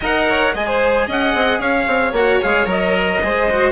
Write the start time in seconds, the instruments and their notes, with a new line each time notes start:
0.00 bassoon D#4, cello A#4, violin D#5, trumpet F#5
0.29 violin C#5
0.53 bassoon G#3, cello G#4, violin D#5, trumpet G#5
0.66 violin C5
1.06 bassoon C#4, violin D#5, trumpet F#5
1.34 bassoon C4
1.59 bassoon C#4, violin C#5, trumpet F5
1.87 bassoon C4
2.12 bassoon A#3, cello F#4, trumpet F#5
2.41 bassoon G#3, cello G#4, trumpet F5
2.65 bassoon F#3, cello A#4, trumpet D#5
3.22 bassoon G#3, cello G#4, violin C5
3.50 cello F#4